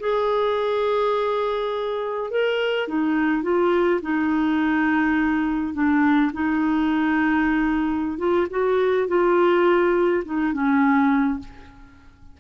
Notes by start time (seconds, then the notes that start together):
0.00 G#4
2.31 A#4
2.88 D#4
3.43 F4
4.02 D#4
5.74 D4
6.33 D#4
8.19 F4
8.50 F#4
9.08 F4
10.25 D#4
10.53 C#4